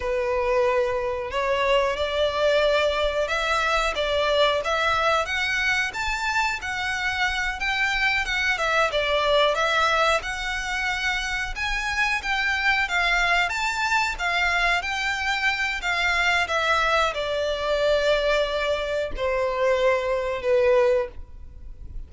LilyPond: \new Staff \with { instrumentName = "violin" } { \time 4/4 \tempo 4 = 91 b'2 cis''4 d''4~ | d''4 e''4 d''4 e''4 | fis''4 a''4 fis''4. g''8~ | g''8 fis''8 e''8 d''4 e''4 fis''8~ |
fis''4. gis''4 g''4 f''8~ | f''8 a''4 f''4 g''4. | f''4 e''4 d''2~ | d''4 c''2 b'4 | }